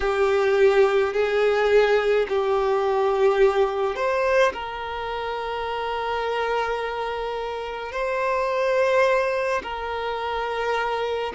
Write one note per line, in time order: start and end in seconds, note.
0.00 1.13 G4
1.13 2.26 G#4
2.28 3.95 G4
3.95 4.52 C5
4.53 7.92 A#4
7.92 9.62 C5
9.62 11.32 A#4